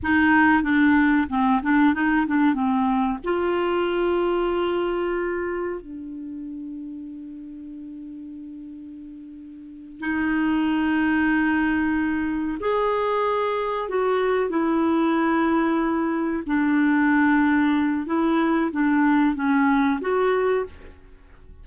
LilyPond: \new Staff \with { instrumentName = "clarinet" } { \time 4/4 \tempo 4 = 93 dis'4 d'4 c'8 d'8 dis'8 d'8 | c'4 f'2.~ | f'4 d'2.~ | d'2.~ d'8 dis'8~ |
dis'2.~ dis'8 gis'8~ | gis'4. fis'4 e'4.~ | e'4. d'2~ d'8 | e'4 d'4 cis'4 fis'4 | }